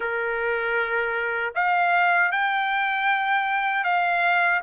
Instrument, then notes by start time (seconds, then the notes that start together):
trumpet
0.00 A#4
1.54 F5
2.31 G5
3.84 F5